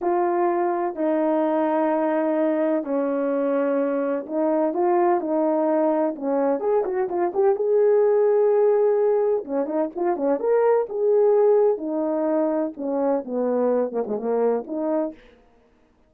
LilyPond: \new Staff \with { instrumentName = "horn" } { \time 4/4 \tempo 4 = 127 f'2 dis'2~ | dis'2 cis'2~ | cis'4 dis'4 f'4 dis'4~ | dis'4 cis'4 gis'8 fis'8 f'8 g'8 |
gis'1 | cis'8 dis'8 f'8 cis'8 ais'4 gis'4~ | gis'4 dis'2 cis'4 | b4. ais16 gis16 ais4 dis'4 | }